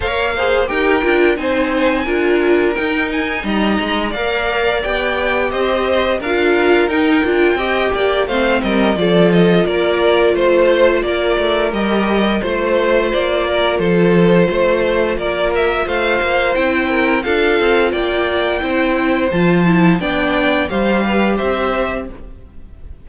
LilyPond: <<
  \new Staff \with { instrumentName = "violin" } { \time 4/4 \tempo 4 = 87 f''4 g''4 gis''2 | g''8 gis''8 ais''4 f''4 g''4 | dis''4 f''4 g''2 | f''8 dis''8 d''8 dis''8 d''4 c''4 |
d''4 dis''4 c''4 d''4 | c''2 d''8 e''8 f''4 | g''4 f''4 g''2 | a''4 g''4 f''4 e''4 | }
  \new Staff \with { instrumentName = "violin" } { \time 4/4 cis''8 c''8 ais'4 c''4 ais'4~ | ais'4 dis''4 d''2 | c''4 ais'2 dis''8 d''8 | c''8 ais'8 a'4 ais'4 c''4 |
ais'2 c''4. ais'8 | a'4 c''4 ais'4 c''4~ | c''8 ais'8 a'4 d''4 c''4~ | c''4 d''4 c''8 b'8 c''4 | }
  \new Staff \with { instrumentName = "viola" } { \time 4/4 ais'8 gis'8 g'8 f'8 dis'4 f'4 | dis'2 ais'4 g'4~ | g'4 f'4 dis'8 f'8 g'4 | c'4 f'2.~ |
f'4 g'4 f'2~ | f'1 | e'4 f'2 e'4 | f'8 e'8 d'4 g'2 | }
  \new Staff \with { instrumentName = "cello" } { \time 4/4 ais4 dis'8 d'8 c'4 d'4 | dis'4 g8 gis8 ais4 b4 | c'4 d'4 dis'8 d'8 c'8 ais8 | a8 g8 f4 ais4 a4 |
ais8 a8 g4 a4 ais4 | f4 a4 ais4 a8 ais8 | c'4 d'8 c'8 ais4 c'4 | f4 b4 g4 c'4 | }
>>